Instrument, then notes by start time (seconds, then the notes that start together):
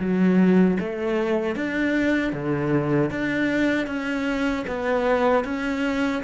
cello
0.00 F#3
0.80 A3
1.56 D4
2.33 D3
3.11 D4
3.87 C#4
4.68 B3
5.44 C#4